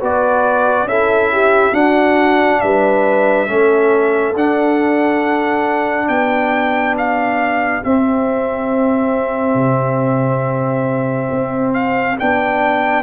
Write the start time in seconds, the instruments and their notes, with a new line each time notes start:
0.00 tuba B3, trombone F#4, horn B4, trumpet D5
0.83 tuba C#4, trombone E4, horn A4, trumpet E5
1.32 horn G4
1.72 trombone D4, tuba D4, horn F#4, trumpet F#5
2.61 tuba G3, horn B4, trumpet E5
3.47 tuba A3, trombone C#4, horn A4
4.35 tuba D4, trombone D4, trumpet F#5
6.08 tuba B3, horn G4, trumpet G5
6.98 trumpet F5
7.83 trombone C4, tuba C4, trumpet E5
9.55 tuba C3
11.31 tuba C4
11.74 trumpet F5
12.18 tuba B3, trombone D4, trumpet G5